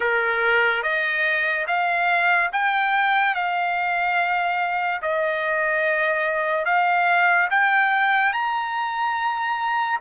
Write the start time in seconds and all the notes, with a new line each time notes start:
0.00 A#4
0.83 D#5
1.67 F5
2.52 G5
3.34 F5
5.02 D#5
6.65 F5
7.50 G5
8.33 A#5